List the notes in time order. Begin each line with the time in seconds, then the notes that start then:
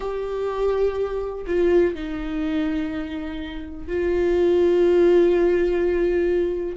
0.00 G4
1.46 F4
1.94 D#4
3.87 F4